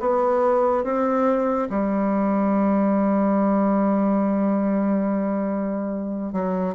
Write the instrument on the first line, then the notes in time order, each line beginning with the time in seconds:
bassoon
0.00 B3
0.84 C4
1.70 G3
6.33 F#3